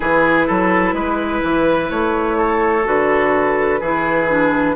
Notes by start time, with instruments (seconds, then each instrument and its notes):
0.00 bassoon E3, clarinet E4, oboe G#4, flute B4
0.46 bassoon F#3, oboe A4
0.93 bassoon G#3, oboe B4
1.43 bassoon E3
1.90 bassoon A3, flute C#5
2.37 oboe A4
2.84 bassoon D3, clarinet F#4, flute B4
3.80 bassoon E3, clarinet E4, oboe G#4
4.28 clarinet D4